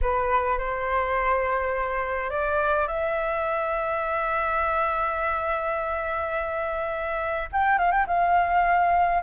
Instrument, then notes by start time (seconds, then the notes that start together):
flute
0.01 B4
0.58 C5
2.29 D5
2.87 E5
7.52 G5
7.78 F5
7.91 G5
8.06 F5